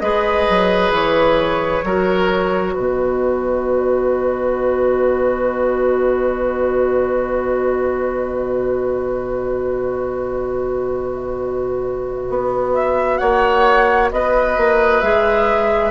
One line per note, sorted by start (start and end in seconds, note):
0.00 0.47 G#3
0.00 1.83 G#4
0.00 1.84 B4
0.00 0.91 D#5
0.49 0.90 F#3
0.90 1.81 E3
0.90 2.73 C#5
1.84 2.74 F#3
1.84 15.03 F#4
1.84 2.73 A#4
2.73 12.29 B2
2.73 13.19 B4
2.73 12.73 D#5
12.29 13.20 B3
12.73 13.17 E5
13.17 14.11 A#3
13.17 14.10 C#5
13.17 14.08 F#5
14.11 14.57 B3
14.11 15.91 B4
14.11 15.01 D#5
14.57 15.02 A#3
15.01 15.91 G#3
15.01 15.91 G#4
15.01 15.91 E5